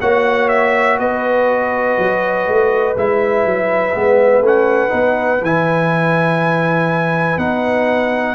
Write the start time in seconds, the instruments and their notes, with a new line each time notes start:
0.00 tuba A#3, trombone F#4, horn C#5, trumpet F#5
0.48 trumpet E5
0.99 tuba B3, horn B4, trumpet D#5
1.98 tuba F#3
2.47 tuba A3
2.96 tuba G#3, trombone E4, trumpet E5
3.45 tuba F#3
3.93 tuba G#3, trombone B3
4.40 tuba A3, trombone C#4, trumpet F#5
4.89 tuba B3, trombone D#4
5.41 tuba E3, trombone E4, trumpet G#5
7.37 tuba B3, trombone D#4, trumpet F#5